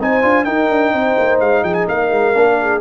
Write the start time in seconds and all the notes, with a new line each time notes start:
0.00 C4 D#4 C5 G#5
0.22 D4 F4
0.44 D#4 A#4 G5
0.70 D4
0.93 C4 C5
1.19 A#3
1.40 G#3 F5
1.63 F3 G#4 G5
1.74 G#5
1.88 A#3 A#4 F5
2.11 G#3
2.34 A#3 D4
2.61 G#4